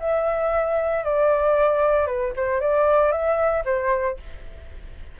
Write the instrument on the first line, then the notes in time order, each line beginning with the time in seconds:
flute
0.00 E5
1.04 D5
2.07 B4
2.36 C5
2.61 D5
3.12 E5
3.65 C5